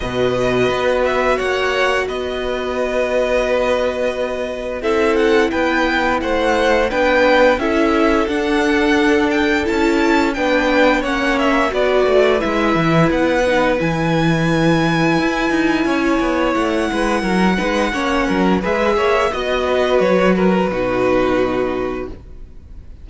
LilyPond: <<
  \new Staff \with { instrumentName = "violin" } { \time 4/4 \tempo 4 = 87 dis''4. e''8 fis''4 dis''4~ | dis''2. e''8 fis''8 | g''4 fis''4 g''4 e''4 | fis''4. g''8 a''4 g''4 |
fis''8 e''8 d''4 e''4 fis''4 | gis''1 | fis''2. e''4 | dis''4 cis''8 b'2~ b'8 | }
  \new Staff \with { instrumentName = "violin" } { \time 4/4 b'2 cis''4 b'4~ | b'2. a'4 | b'4 c''4 b'4 a'4~ | a'2. b'4 |
cis''4 b'2.~ | b'2. cis''4~ | cis''8 b'8 ais'8 b'8 cis''8 ais'8 b'8 cis''8 | dis''8 b'4 ais'8 fis'2 | }
  \new Staff \with { instrumentName = "viola" } { \time 4/4 fis'1~ | fis'2. e'4~ | e'2 d'4 e'4 | d'2 e'4 d'4 |
cis'4 fis'4 e'4. dis'8 | e'1~ | e'4. dis'8 cis'4 gis'4 | fis'2 dis'2 | }
  \new Staff \with { instrumentName = "cello" } { \time 4/4 b,4 b4 ais4 b4~ | b2. c'4 | b4 a4 b4 cis'4 | d'2 cis'4 b4 |
ais4 b8 a8 gis8 e8 b4 | e2 e'8 dis'8 cis'8 b8 | a8 gis8 fis8 gis8 ais8 fis8 gis8 ais8 | b4 fis4 b,2 | }
>>